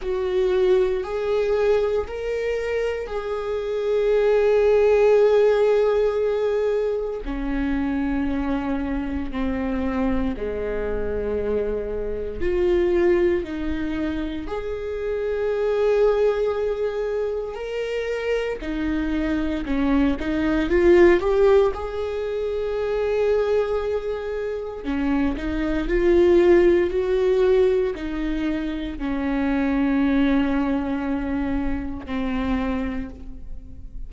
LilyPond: \new Staff \with { instrumentName = "viola" } { \time 4/4 \tempo 4 = 58 fis'4 gis'4 ais'4 gis'4~ | gis'2. cis'4~ | cis'4 c'4 gis2 | f'4 dis'4 gis'2~ |
gis'4 ais'4 dis'4 cis'8 dis'8 | f'8 g'8 gis'2. | cis'8 dis'8 f'4 fis'4 dis'4 | cis'2. c'4 | }